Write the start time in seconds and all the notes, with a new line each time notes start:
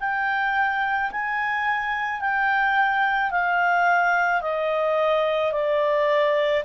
0.00 G5
1.11 G#5
2.20 G5
3.31 F5
4.41 D#5
5.52 D5